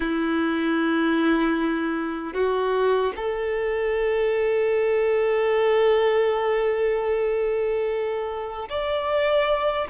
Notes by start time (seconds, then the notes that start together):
0.00 E4
2.33 F#4
3.16 A4
8.69 D5